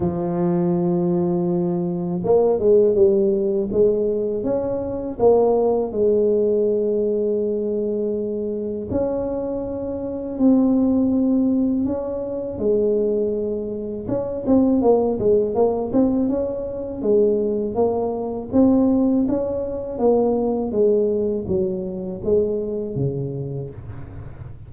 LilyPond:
\new Staff \with { instrumentName = "tuba" } { \time 4/4 \tempo 4 = 81 f2. ais8 gis8 | g4 gis4 cis'4 ais4 | gis1 | cis'2 c'2 |
cis'4 gis2 cis'8 c'8 | ais8 gis8 ais8 c'8 cis'4 gis4 | ais4 c'4 cis'4 ais4 | gis4 fis4 gis4 cis4 | }